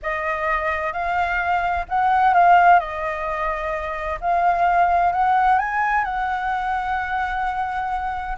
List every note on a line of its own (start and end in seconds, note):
0.02 0.92 D#5
0.92 1.85 F5
1.89 2.34 F#5
2.34 2.79 F5
2.79 4.19 D#5
4.21 5.12 F5
5.12 5.58 F#5
5.58 6.04 G#5
6.04 8.37 F#5